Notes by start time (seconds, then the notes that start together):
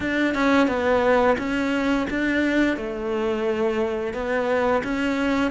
0.00 D4
0.34 C#4
0.67 B3
1.38 C#4
2.10 D4
2.76 A3
4.13 B3
4.83 C#4